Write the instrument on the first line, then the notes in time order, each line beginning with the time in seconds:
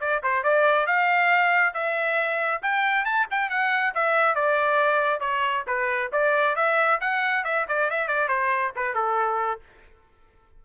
trumpet
0.00 D5
0.23 C5
0.43 D5
0.86 F5
1.74 E5
2.62 G5
3.05 A5
3.31 G5
3.50 F#5
3.95 E5
4.35 D5
5.20 C#5
5.67 B4
6.12 D5
6.56 E5
7.01 F#5
7.44 E5
7.68 D5
7.90 E5
8.08 D5
8.28 C5
8.76 B4
8.94 A4